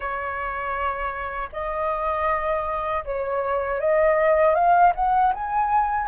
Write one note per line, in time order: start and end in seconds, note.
0.00 1.49 C#5
1.52 3.04 D#5
3.04 3.80 C#5
3.80 4.54 D#5
4.54 4.92 F5
4.95 5.33 F#5
5.34 6.07 G#5